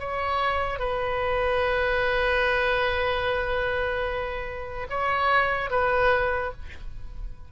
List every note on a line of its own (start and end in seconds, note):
0.00 0.80 C#5
0.80 4.88 B4
4.90 5.71 C#5
5.71 6.53 B4